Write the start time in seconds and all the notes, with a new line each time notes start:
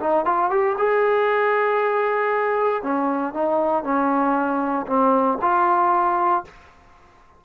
0.00 D#4
0.25 F4
0.50 G4
0.78 G#4
2.83 C#4
3.33 D#4
3.83 C#4
4.87 C4
5.41 F4